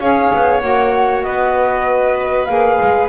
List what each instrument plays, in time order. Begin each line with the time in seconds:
0.00 double bass C#4, saxophone G#4, violin C#5, flute F5
0.34 double bass B3
0.61 double bass A#3, saxophone F#4, flute F#5
1.23 double bass B3, violin B4, flute D#5
2.46 double bass A#3, saxophone G#4, flute F5
2.82 double bass G#3